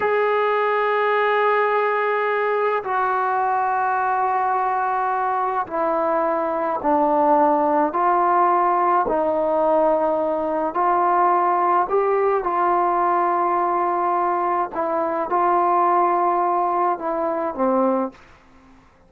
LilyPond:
\new Staff \with { instrumentName = "trombone" } { \time 4/4 \tempo 4 = 106 gis'1~ | gis'4 fis'2.~ | fis'2 e'2 | d'2 f'2 |
dis'2. f'4~ | f'4 g'4 f'2~ | f'2 e'4 f'4~ | f'2 e'4 c'4 | }